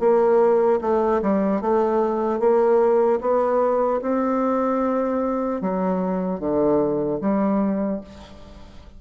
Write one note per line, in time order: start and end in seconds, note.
0.00 0.80 A#3
0.81 1.21 A3
1.23 1.62 G3
1.62 2.40 A3
2.40 3.20 A#3
3.21 4.01 B3
4.02 5.62 C4
5.62 6.40 F#3
6.40 7.20 D3
7.21 8.01 G3